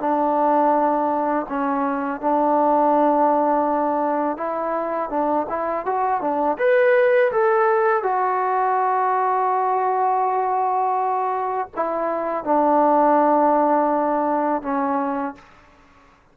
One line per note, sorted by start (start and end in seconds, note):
0.00 1.46 D4
1.49 2.21 C#4
2.21 4.37 D4
4.37 5.10 E4
5.10 5.46 D4
5.49 5.86 E4
5.86 6.21 F#4
6.21 6.58 D4
6.59 7.32 B4
7.32 8.03 A4
8.03 11.69 F#4
11.76 12.44 E4
12.44 14.62 D4
14.62 15.35 C#4